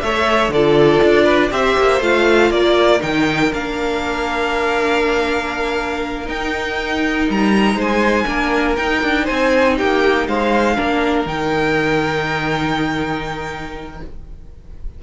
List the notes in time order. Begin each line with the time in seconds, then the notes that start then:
0.00 A3 A4 C#5 E5
0.49 D3 A4 D5
0.55 F4
1.03 D4
1.24 B4
1.50 C4 G4 C5 E5
1.77 A#3
2.00 A3 F4 F5
2.50 A#3 A#4 D5
2.99 D#3 D#4 G5
3.52 A#3 D4 F5
6.25 D#4 G5
7.29 G3 A#5
7.74 G#3 C5
7.81 G#5
8.26 A#3 D4 A#4
8.76 D#4 G5
9.02 D4
9.24 C5 G#5
9.30 C4
9.77 A#3 G4 G5
10.27 G#3 C5 F5
10.76 A#3 D4 A#4
11.25 D#3 D#4 G5